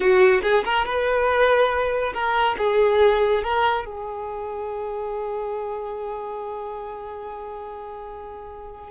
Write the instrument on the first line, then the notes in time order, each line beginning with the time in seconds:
violin
0.00 F#4
0.42 G#4
0.64 A#4
0.85 B4
2.13 A#4
2.57 G#4
3.43 A#4
3.85 G#4